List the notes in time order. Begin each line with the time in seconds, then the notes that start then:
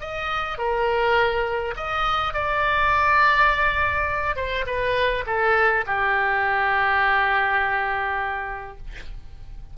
0.00 D#5
0.58 A#4
1.76 D#5
2.33 D5
4.36 C5
4.66 B4
5.26 A4
5.86 G4